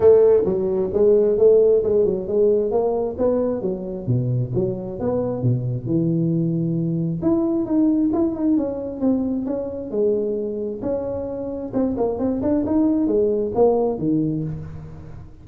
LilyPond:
\new Staff \with { instrumentName = "tuba" } { \time 4/4 \tempo 4 = 133 a4 fis4 gis4 a4 | gis8 fis8 gis4 ais4 b4 | fis4 b,4 fis4 b4 | b,4 e2. |
e'4 dis'4 e'8 dis'8 cis'4 | c'4 cis'4 gis2 | cis'2 c'8 ais8 c'8 d'8 | dis'4 gis4 ais4 dis4 | }